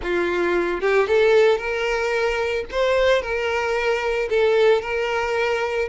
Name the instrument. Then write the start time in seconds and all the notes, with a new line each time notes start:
violin
0.02 F4
0.80 G4
1.07 A4
1.58 A#4
2.71 C5
3.21 A#4
4.29 A4
4.81 A#4